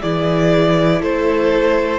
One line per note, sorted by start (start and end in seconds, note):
0.00 1.02 E3
0.00 1.99 E4
0.00 1.00 G#4
0.00 1.02 D5
1.00 1.99 A3
1.00 1.99 A4
1.00 1.99 C5